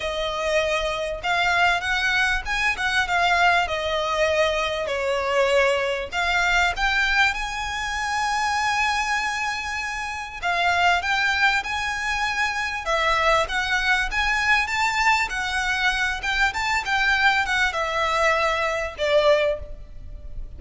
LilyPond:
\new Staff \with { instrumentName = "violin" } { \time 4/4 \tempo 4 = 98 dis''2 f''4 fis''4 | gis''8 fis''8 f''4 dis''2 | cis''2 f''4 g''4 | gis''1~ |
gis''4 f''4 g''4 gis''4~ | gis''4 e''4 fis''4 gis''4 | a''4 fis''4. g''8 a''8 g''8~ | g''8 fis''8 e''2 d''4 | }